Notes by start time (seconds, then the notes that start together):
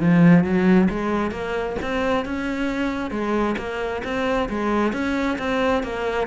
0.00 F3
0.44 F#3
0.90 G#3
1.31 A#3
1.82 C4
2.25 C#4
3.11 G#3
3.58 A#3
4.04 C4
4.49 G#3
4.93 C#4
5.38 C4
5.83 A#3